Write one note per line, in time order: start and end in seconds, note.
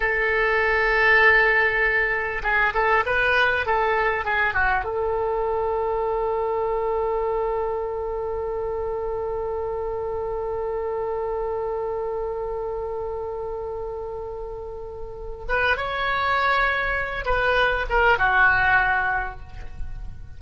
0.00 2.42 A4
2.43 2.73 G#4
2.74 3.04 A4
3.06 3.66 B4
3.66 4.24 A4
4.24 4.53 G#4
4.53 4.84 F#4
4.84 15.45 A4
15.48 15.77 B4
15.77 17.25 C#5
17.25 17.86 B4
17.89 18.18 A#4
18.18 19.39 F#4